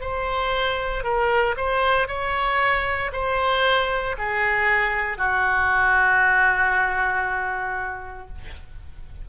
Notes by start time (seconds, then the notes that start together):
0.00 C5
1.03 A#4
1.57 C5
2.07 C#5
3.12 C5
4.18 G#4
5.18 F#4